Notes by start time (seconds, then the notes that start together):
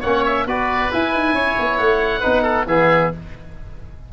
0.00 A#3 C#4 C#5 F#5
0.25 E5
0.45 B3 F#4 B4 D5
0.91 E4 G#5
1.14 D#4
1.33 C#4 C#5
1.59 B3
1.78 A3 F#5
2.20 B3 D#4 B4
2.42 A4
2.66 E3 B3 G#4 E5